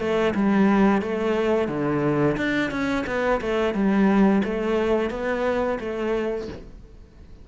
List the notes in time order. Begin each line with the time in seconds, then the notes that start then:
0.00 A3
0.35 G3
1.02 A3
1.69 D3
2.37 D4
2.71 C#4
3.07 B3
3.42 A3
3.75 G3
4.45 A3
5.11 B3
5.80 A3